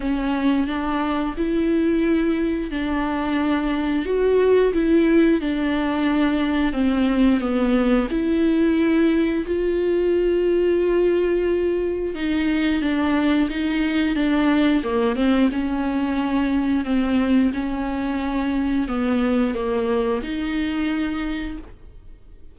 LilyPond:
\new Staff \with { instrumentName = "viola" } { \time 4/4 \tempo 4 = 89 cis'4 d'4 e'2 | d'2 fis'4 e'4 | d'2 c'4 b4 | e'2 f'2~ |
f'2 dis'4 d'4 | dis'4 d'4 ais8 c'8 cis'4~ | cis'4 c'4 cis'2 | b4 ais4 dis'2 | }